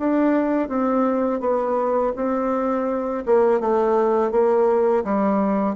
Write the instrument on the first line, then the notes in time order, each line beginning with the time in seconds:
bassoon
0.00 D4
0.69 C4
1.41 B3
2.16 C4
3.26 A#3
3.61 A3
4.32 A#3
5.05 G3